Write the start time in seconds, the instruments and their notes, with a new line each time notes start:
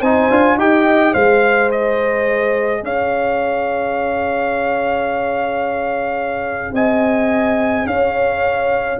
0.00 tuba C4, trombone D#4, horn C5, trumpet G#5
0.30 tuba D4, trombone F4
0.57 tuba D#4, trombone G4, horn D#5, trumpet G5
1.13 tuba G#3, trombone G#4, horn C5, trumpet F5
1.71 trumpet D#5
2.82 tuba C#4, horn C#5, trumpet F5
6.73 tuba C4, horn D#5, trumpet G#5
7.86 tuba C#4, horn C#5, trumpet F5